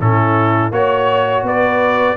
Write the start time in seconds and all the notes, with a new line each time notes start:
0.00 A2 C#4 E4 A4
0.70 A#3 F#4 C#5
1.42 B3 B4 D5